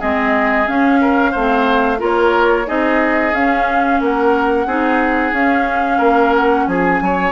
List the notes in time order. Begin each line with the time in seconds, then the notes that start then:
0.00 G#3 C4 G#4 D#5
0.67 C#4 F5
1.02 A#4
1.32 A3 C4 C5
1.99 A#3 F4 A#4 C#5
2.67 C4 D#4 G#4 D#5
3.33 C#4 F5
4.01 A#3 A#4 F#5
4.66 C4 D#4 G#4
5.33 C#4 F5
5.98 A#3 A#4
6.36 F#5
6.67 F3 G#4 G#5
7.02 F#3 C#5